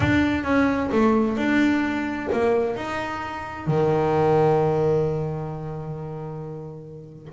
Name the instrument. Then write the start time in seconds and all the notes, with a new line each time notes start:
double bass
0.00 D4
0.43 C#4
0.92 A3
1.37 D4
2.32 A#3
2.76 D#4
3.66 D#3